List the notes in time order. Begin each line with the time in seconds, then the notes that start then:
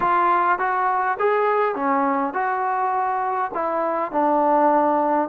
0.00 F4
0.59 F#4
1.19 G#4
1.75 C#4
2.33 F#4
3.53 E4
4.11 D4